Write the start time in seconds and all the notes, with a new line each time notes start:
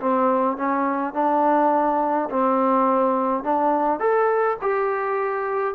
0.00 C4
0.57 C#4
1.14 D4
2.31 C4
3.44 D4
4.00 A4
4.62 G4